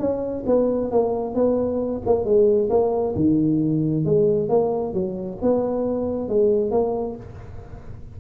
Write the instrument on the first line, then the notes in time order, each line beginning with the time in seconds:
tuba
0.00 C#4
0.47 B3
0.92 A#3
1.35 B3
2.06 A#3
2.25 G#3
2.70 A#3
3.16 D#3
4.05 G#3
4.49 A#3
4.94 F#3
5.42 B3
6.29 G#3
6.71 A#3